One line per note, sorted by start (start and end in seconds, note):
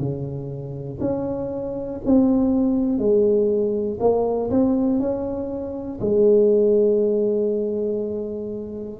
0.00 1.00 C#3
1.01 2.01 C#4
2.06 2.99 C4
2.99 3.99 G#3
4.00 4.50 A#3
4.51 5.00 C4
5.00 6.00 C#4
6.01 9.00 G#3